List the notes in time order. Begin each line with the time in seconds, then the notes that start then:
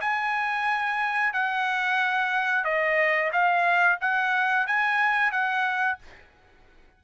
0.00 G#5
1.33 F#5
2.64 D#5
3.32 F5
4.00 F#5
4.66 G#5
5.31 F#5